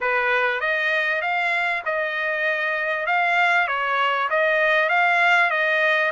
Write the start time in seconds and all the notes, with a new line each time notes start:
0.00 B4
0.60 D#5
1.21 F5
1.85 D#5
3.06 F5
3.67 C#5
4.29 D#5
4.89 F5
5.50 D#5